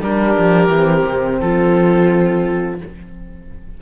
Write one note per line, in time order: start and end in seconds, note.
0.00 0.35 G3
0.00 0.69 D4
0.00 1.41 G4
0.00 1.40 A#4
0.38 0.68 F3
0.68 1.03 E3
0.68 2.79 C4
1.05 1.40 C3
1.40 2.81 F3
1.40 2.81 F4
1.40 2.80 A4